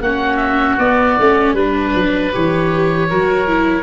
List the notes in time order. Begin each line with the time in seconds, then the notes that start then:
0.00 A#3 C#4 F#4 F#5
0.37 E5
0.78 B3 D5
1.19 A3 C#4
1.53 G3 D4 B4
1.95 F#3
2.33 E3 G4 C#5
3.09 F#3 F#4 A#4
3.47 E4